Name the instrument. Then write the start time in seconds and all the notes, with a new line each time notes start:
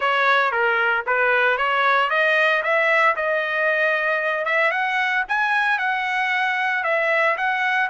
trumpet
0.00 C#5
0.51 A#4
1.06 B4
1.57 C#5
2.10 D#5
2.63 E5
3.16 D#5
4.45 E5
4.71 F#5
5.28 G#5
5.78 F#5
6.83 E5
7.37 F#5